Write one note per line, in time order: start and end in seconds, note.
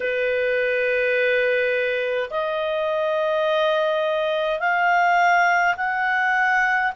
0.00 2.30 B4
2.30 4.59 D#5
4.59 5.74 F5
5.76 6.92 F#5